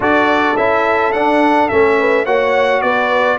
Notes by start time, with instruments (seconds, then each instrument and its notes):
0.00 tuba D4, trombone F#4, horn A4, trumpet D5
0.56 tuba C#4, trombone E4, trumpet E5
1.12 tuba D4, trombone D4, trumpet F#5
1.68 tuba A3, trombone C#4, trumpet E5
1.98 horn B4
2.25 tuba A#3, trombone F#4, horn C#5, trumpet F#5
2.81 tuba B3, horn B4, trumpet D5